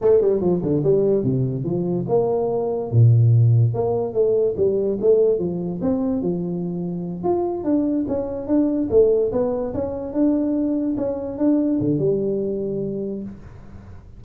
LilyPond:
\new Staff \with { instrumentName = "tuba" } { \time 4/4 \tempo 4 = 145 a8 g8 f8 d8 g4 c4 | f4 ais2 ais,4~ | ais,4 ais4 a4 g4 | a4 f4 c'4 f4~ |
f4. f'4 d'4 cis'8~ | cis'8 d'4 a4 b4 cis'8~ | cis'8 d'2 cis'4 d'8~ | d'8 d8 g2. | }